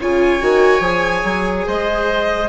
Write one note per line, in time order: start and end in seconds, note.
0.00 0.41 C#3
0.00 0.39 F4
0.00 1.66 C#5
0.00 1.68 G#5
0.39 0.80 D#3
0.39 0.81 F#4
0.80 1.22 F3
0.80 2.47 G#4
1.24 1.65 F#3
1.66 2.48 G#3
1.66 2.48 C5
1.66 2.48 D#5